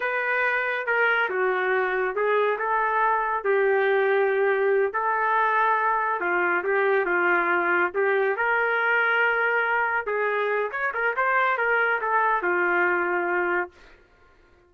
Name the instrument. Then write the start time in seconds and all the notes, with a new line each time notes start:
trumpet
0.00 B4
0.86 A#4
1.29 F#4
2.15 G#4
2.58 A4
3.43 G4
4.93 A4
6.20 F4
6.63 G4
7.05 F4
7.94 G4
8.36 A#4
10.06 G#4
10.71 C#5
10.94 A#4
11.16 C5
11.57 A#4
12.01 A4
12.42 F4